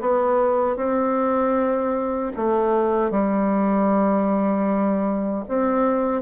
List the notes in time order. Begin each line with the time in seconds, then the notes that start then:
0.00 B3
0.76 C4
2.36 A3
3.11 G3
5.48 C4